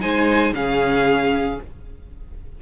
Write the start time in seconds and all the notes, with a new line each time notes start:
0.00 G#3 D#4 C5 G#5
0.52 C#3 C#4 G#4 F5